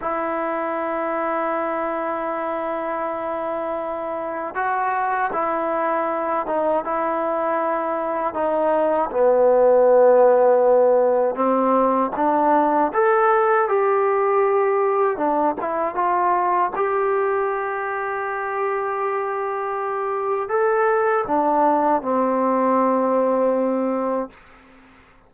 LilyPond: \new Staff \with { instrumentName = "trombone" } { \time 4/4 \tempo 4 = 79 e'1~ | e'2 fis'4 e'4~ | e'8 dis'8 e'2 dis'4 | b2. c'4 |
d'4 a'4 g'2 | d'8 e'8 f'4 g'2~ | g'2. a'4 | d'4 c'2. | }